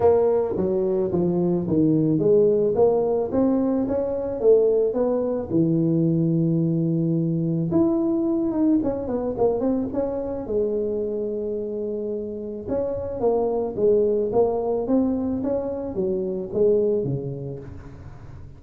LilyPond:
\new Staff \with { instrumentName = "tuba" } { \time 4/4 \tempo 4 = 109 ais4 fis4 f4 dis4 | gis4 ais4 c'4 cis'4 | a4 b4 e2~ | e2 e'4. dis'8 |
cis'8 b8 ais8 c'8 cis'4 gis4~ | gis2. cis'4 | ais4 gis4 ais4 c'4 | cis'4 fis4 gis4 cis4 | }